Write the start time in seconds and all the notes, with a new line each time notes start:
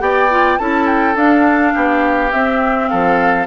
0.00 B3 G4 D5 G5
0.30 F4
0.59 C#4 E4 A4 A5
0.87 G5
1.15 D4 F5
1.74 B3 G4
2.32 C4 E5
2.89 F3 A4 F5